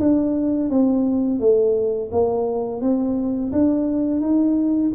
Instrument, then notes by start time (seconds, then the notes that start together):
tuba
0.00 D4
0.70 C4
1.40 A3
2.12 A#3
2.81 C4
3.52 D4
4.21 D#4